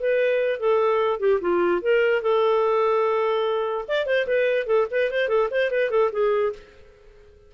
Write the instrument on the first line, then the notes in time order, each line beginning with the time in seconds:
clarinet
0.00 B4
0.60 A4
1.20 G4
1.41 F4
1.82 A#4
2.22 A4
3.88 D5
4.06 C5
4.27 B4
4.66 A4
4.91 B4
5.11 C5
5.28 A4
5.51 C5
5.71 B4
5.90 A4
6.12 G#4